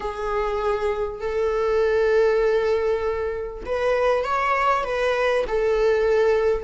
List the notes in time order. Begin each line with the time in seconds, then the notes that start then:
0.00 G#4
1.21 A4
3.65 B4
4.24 C#5
4.84 B4
5.47 A4